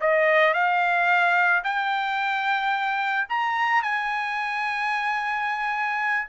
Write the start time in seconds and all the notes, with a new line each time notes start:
0.00 D#5
0.54 F5
1.63 G5
3.29 A#5
3.82 G#5